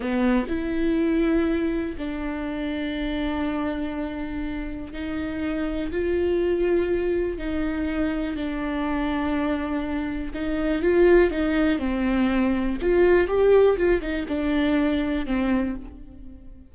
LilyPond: \new Staff \with { instrumentName = "viola" } { \time 4/4 \tempo 4 = 122 b4 e'2. | d'1~ | d'2 dis'2 | f'2. dis'4~ |
dis'4 d'2.~ | d'4 dis'4 f'4 dis'4 | c'2 f'4 g'4 | f'8 dis'8 d'2 c'4 | }